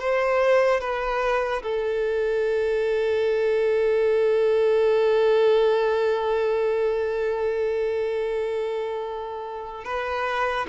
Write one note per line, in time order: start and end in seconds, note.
0.00 0.81 C5
0.81 1.63 B4
1.63 9.85 A4
9.85 10.67 B4